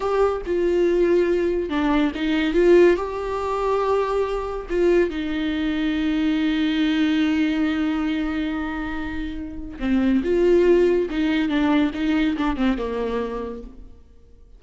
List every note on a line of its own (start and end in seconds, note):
0.00 0.41 G4
0.46 1.69 F4
1.69 2.12 D4
2.15 2.53 D#4
2.53 2.96 F4
2.96 4.66 G4
4.69 5.10 F4
5.10 9.78 D#4
9.79 10.21 C4
10.23 11.08 F4
11.10 11.48 D#4
11.48 11.91 D4
11.94 12.36 D#4
12.37 12.56 D4
12.56 12.77 C4
12.77 13.62 A#3